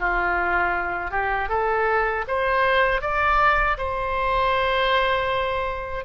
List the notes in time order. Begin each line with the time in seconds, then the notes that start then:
0.00 F4
1.11 G4
1.49 A4
2.28 C5
3.02 D5
3.78 C5